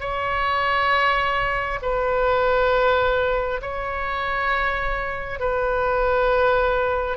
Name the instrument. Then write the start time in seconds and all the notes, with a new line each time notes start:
oboe
0.00 C#5
1.82 B4
3.62 C#5
5.39 B4